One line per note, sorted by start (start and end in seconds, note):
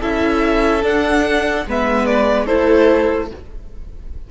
0.00 0.84 C#4
0.00 0.82 E4
0.00 1.64 A4
0.00 0.85 E5
0.82 1.64 D4
0.82 1.66 D4
0.82 1.68 F#5
1.66 2.49 G#3
1.66 2.47 B3
1.66 2.46 B4
1.66 2.06 E5
2.06 2.47 D5
2.46 3.31 A3
2.46 3.29 E4
2.46 3.28 A4
2.46 3.29 C5